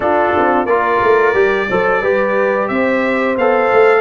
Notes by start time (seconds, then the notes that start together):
0.00 D4 F4 A4
0.37 C4
0.65 A#3 F4 A#4 D5
1.03 A3
1.34 G3 G4
1.69 F#3 A4 C5
2.01 G3 G4 B4
2.68 C4 C5 E5
3.37 B3 A4 F5
3.72 A3